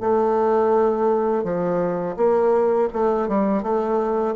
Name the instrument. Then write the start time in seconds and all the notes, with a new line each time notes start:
bassoon
0.00 A3
1.43 F3
2.16 A#3
2.93 A3
3.28 G3
3.62 A3